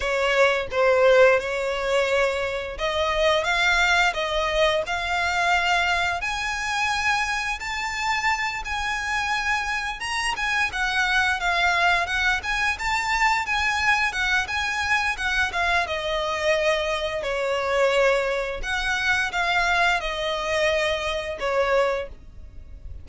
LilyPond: \new Staff \with { instrumentName = "violin" } { \time 4/4 \tempo 4 = 87 cis''4 c''4 cis''2 | dis''4 f''4 dis''4 f''4~ | f''4 gis''2 a''4~ | a''8 gis''2 ais''8 gis''8 fis''8~ |
fis''8 f''4 fis''8 gis''8 a''4 gis''8~ | gis''8 fis''8 gis''4 fis''8 f''8 dis''4~ | dis''4 cis''2 fis''4 | f''4 dis''2 cis''4 | }